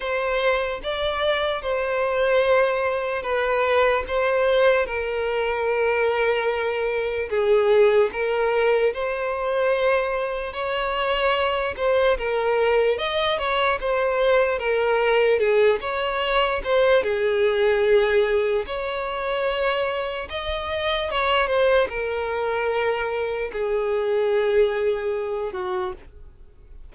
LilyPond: \new Staff \with { instrumentName = "violin" } { \time 4/4 \tempo 4 = 74 c''4 d''4 c''2 | b'4 c''4 ais'2~ | ais'4 gis'4 ais'4 c''4~ | c''4 cis''4. c''8 ais'4 |
dis''8 cis''8 c''4 ais'4 gis'8 cis''8~ | cis''8 c''8 gis'2 cis''4~ | cis''4 dis''4 cis''8 c''8 ais'4~ | ais'4 gis'2~ gis'8 fis'8 | }